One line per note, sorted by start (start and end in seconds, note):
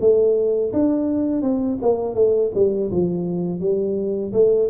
0.00 0.72 A3
0.73 1.42 D4
1.42 1.78 C4
1.82 2.15 A#3
2.15 2.51 A3
2.54 2.90 G3
2.91 3.60 F3
3.60 4.32 G3
4.33 4.69 A3